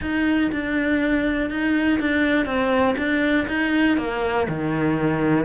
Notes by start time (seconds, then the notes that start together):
0.01 D#4
0.52 D4
1.50 D#4
2.00 D4
2.45 C4
2.97 D4
3.48 D#4
3.97 A#3
4.48 D#3